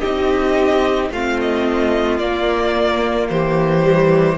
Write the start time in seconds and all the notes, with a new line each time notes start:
0.00 C4 D#4 G4 D#5
1.10 A3 C4 F4 F5
1.40 D#5
2.18 A#3 D5
3.30 E3 G4 C5
3.82 G3